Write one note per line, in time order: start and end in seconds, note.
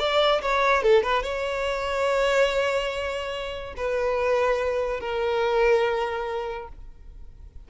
0.00 0.42 D5
0.42 0.83 C#5
0.83 1.04 A4
1.04 1.23 B4
1.23 3.75 C#5
3.77 5.01 B4
5.01 6.69 A#4